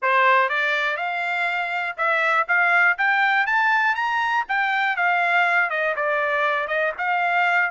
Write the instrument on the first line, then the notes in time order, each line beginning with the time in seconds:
trumpet
0.02 C5
0.49 D5
0.97 F5
1.97 E5
2.47 F5
2.98 G5
3.46 A5
3.95 A#5
4.48 G5
4.96 F5
5.70 D#5
5.96 D5
6.67 D#5
6.98 F5